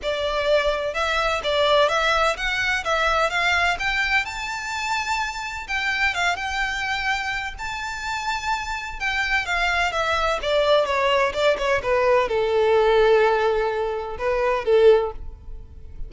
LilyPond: \new Staff \with { instrumentName = "violin" } { \time 4/4 \tempo 4 = 127 d''2 e''4 d''4 | e''4 fis''4 e''4 f''4 | g''4 a''2. | g''4 f''8 g''2~ g''8 |
a''2. g''4 | f''4 e''4 d''4 cis''4 | d''8 cis''8 b'4 a'2~ | a'2 b'4 a'4 | }